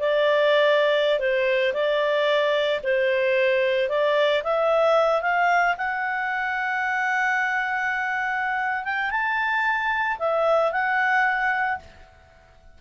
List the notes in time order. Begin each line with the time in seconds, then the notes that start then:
0.00 D5
1.20 C5
1.74 D5
2.83 C5
3.89 D5
4.43 E5
5.22 F5
5.77 F#5
8.84 G5
9.11 A5
10.19 E5
10.72 F#5